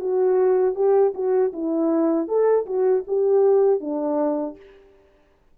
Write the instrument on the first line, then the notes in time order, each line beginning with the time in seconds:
horn
0.00 F#4
0.75 G4
1.14 F#4
1.53 E4
2.28 A4
2.66 F#4
3.07 G4
3.80 D4